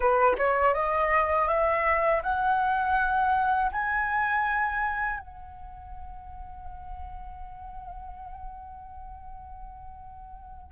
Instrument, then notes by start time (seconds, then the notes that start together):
flute
0.00 B4
0.37 C#5
0.73 D#5
1.47 E5
2.23 F#5
3.72 G#5
5.19 F#5